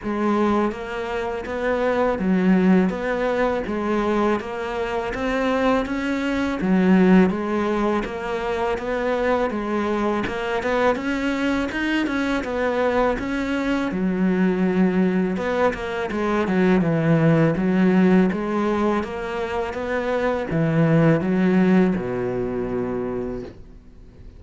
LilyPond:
\new Staff \with { instrumentName = "cello" } { \time 4/4 \tempo 4 = 82 gis4 ais4 b4 fis4 | b4 gis4 ais4 c'4 | cis'4 fis4 gis4 ais4 | b4 gis4 ais8 b8 cis'4 |
dis'8 cis'8 b4 cis'4 fis4~ | fis4 b8 ais8 gis8 fis8 e4 | fis4 gis4 ais4 b4 | e4 fis4 b,2 | }